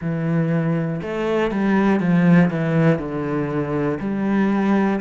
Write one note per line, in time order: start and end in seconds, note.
0.00 1.00 E3
1.01 1.50 A3
1.50 2.00 G3
2.00 2.50 F3
2.50 2.98 E3
2.98 3.98 D3
4.00 5.00 G3